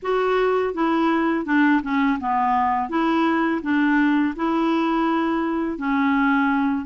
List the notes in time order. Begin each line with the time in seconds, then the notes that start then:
0.02 F#4
0.74 E4
1.45 D4
1.82 C#4
2.19 B3
2.89 E4
3.62 D4
4.35 E4
5.78 C#4